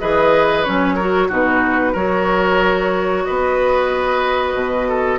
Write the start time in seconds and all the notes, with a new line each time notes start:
0.00 E3 G#4 B4 D#5
0.64 F#3 C#4 C#5
0.95 F#4 A#4
1.28 B2 D#4 F#4 B4
1.93 F#3 F#4 A#4 C#5
3.25 B3 B4 D#5
4.54 B2
4.88 A4